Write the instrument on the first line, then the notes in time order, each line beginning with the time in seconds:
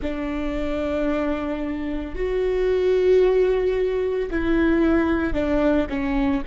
viola
0.01 D4
2.15 F#4
4.30 E4
5.33 D4
5.89 C#4